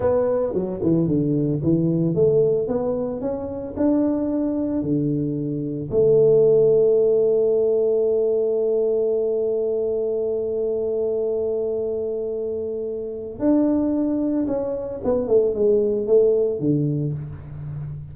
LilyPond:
\new Staff \with { instrumentName = "tuba" } { \time 4/4 \tempo 4 = 112 b4 fis8 e8 d4 e4 | a4 b4 cis'4 d'4~ | d'4 d2 a4~ | a1~ |
a1~ | a1~ | a4 d'2 cis'4 | b8 a8 gis4 a4 d4 | }